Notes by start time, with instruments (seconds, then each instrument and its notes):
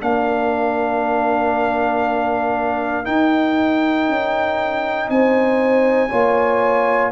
0.00 tuba A#3, trombone D4, horn A#4, trumpet F5
3.04 trombone D#4, tuba D#4, trumpet G5
4.09 tuba C#4
5.09 tuba C4, horn C5, trumpet G#5
6.10 tuba A#3, trombone F4, horn C#5